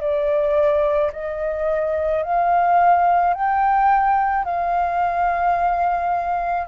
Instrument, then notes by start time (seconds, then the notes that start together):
flute
0.00 D5
1.13 D#5
2.23 F5
3.33 G5
4.44 F5